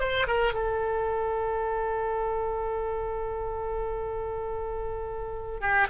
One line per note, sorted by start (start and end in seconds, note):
0.00 0.27 C5
0.27 0.53 A#4
0.53 5.61 A4
5.61 5.88 G4